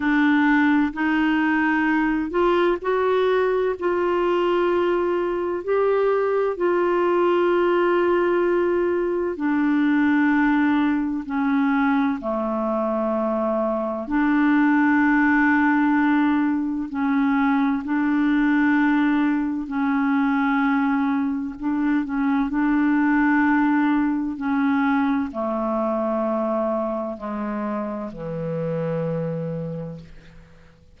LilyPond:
\new Staff \with { instrumentName = "clarinet" } { \time 4/4 \tempo 4 = 64 d'4 dis'4. f'8 fis'4 | f'2 g'4 f'4~ | f'2 d'2 | cis'4 a2 d'4~ |
d'2 cis'4 d'4~ | d'4 cis'2 d'8 cis'8 | d'2 cis'4 a4~ | a4 gis4 e2 | }